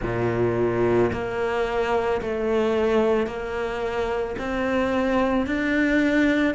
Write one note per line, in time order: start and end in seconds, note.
0.02 1.11 A#2
1.12 2.21 A#3
2.21 3.27 A3
3.27 4.36 A#3
4.38 5.46 C4
5.46 6.54 D4